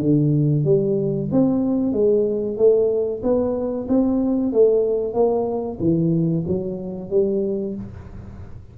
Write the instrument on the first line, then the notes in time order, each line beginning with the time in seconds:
tuba
0.00 D3
0.65 G3
1.32 C4
1.93 G#3
2.57 A3
3.23 B3
3.88 C4
4.52 A3
5.14 A#3
5.80 E3
6.48 F#3
7.10 G3